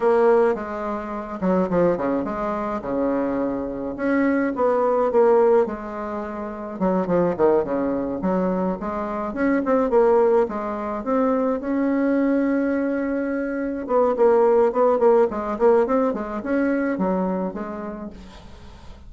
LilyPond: \new Staff \with { instrumentName = "bassoon" } { \time 4/4 \tempo 4 = 106 ais4 gis4. fis8 f8 cis8 | gis4 cis2 cis'4 | b4 ais4 gis2 | fis8 f8 dis8 cis4 fis4 gis8~ |
gis8 cis'8 c'8 ais4 gis4 c'8~ | c'8 cis'2.~ cis'8~ | cis'8 b8 ais4 b8 ais8 gis8 ais8 | c'8 gis8 cis'4 fis4 gis4 | }